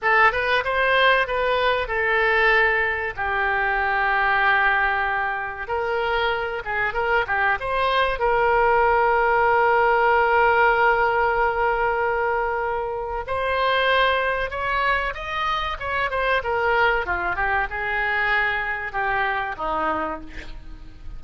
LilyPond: \new Staff \with { instrumentName = "oboe" } { \time 4/4 \tempo 4 = 95 a'8 b'8 c''4 b'4 a'4~ | a'4 g'2.~ | g'4 ais'4. gis'8 ais'8 g'8 | c''4 ais'2.~ |
ais'1~ | ais'4 c''2 cis''4 | dis''4 cis''8 c''8 ais'4 f'8 g'8 | gis'2 g'4 dis'4 | }